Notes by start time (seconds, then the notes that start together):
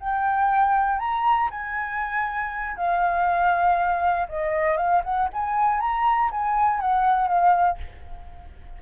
0.00 G5
0.99 A#5
1.51 G#5
2.77 F5
4.29 D#5
4.77 F5
5.04 F#5
5.34 G#5
5.81 A#5
6.32 G#5
6.80 F#5
7.28 F5